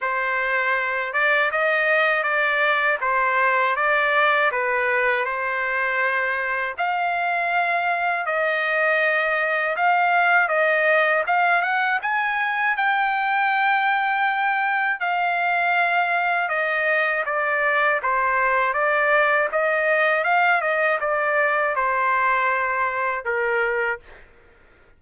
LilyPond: \new Staff \with { instrumentName = "trumpet" } { \time 4/4 \tempo 4 = 80 c''4. d''8 dis''4 d''4 | c''4 d''4 b'4 c''4~ | c''4 f''2 dis''4~ | dis''4 f''4 dis''4 f''8 fis''8 |
gis''4 g''2. | f''2 dis''4 d''4 | c''4 d''4 dis''4 f''8 dis''8 | d''4 c''2 ais'4 | }